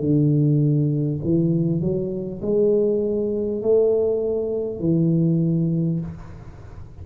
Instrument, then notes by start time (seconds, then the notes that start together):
tuba
0.00 D3
1.24 E3
1.82 F#3
2.42 G#3
3.62 A3
4.80 E3